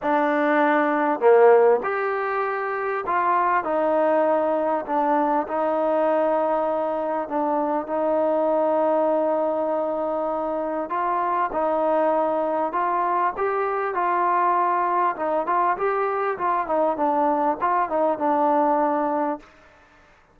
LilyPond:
\new Staff \with { instrumentName = "trombone" } { \time 4/4 \tempo 4 = 99 d'2 ais4 g'4~ | g'4 f'4 dis'2 | d'4 dis'2. | d'4 dis'2.~ |
dis'2 f'4 dis'4~ | dis'4 f'4 g'4 f'4~ | f'4 dis'8 f'8 g'4 f'8 dis'8 | d'4 f'8 dis'8 d'2 | }